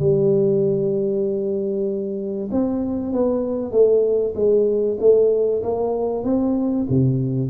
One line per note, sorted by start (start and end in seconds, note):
0.00 2.50 G3
2.52 3.13 C4
3.13 3.72 B3
3.72 4.34 A3
4.36 4.98 G#3
5.00 5.63 A3
5.63 6.24 A#3
6.24 6.87 C4
6.90 7.51 C3